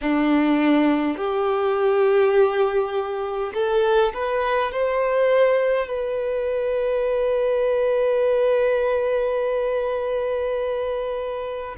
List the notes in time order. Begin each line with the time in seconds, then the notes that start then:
0.01 D4
1.17 G4
3.53 A4
4.13 B4
4.72 C5
5.87 B4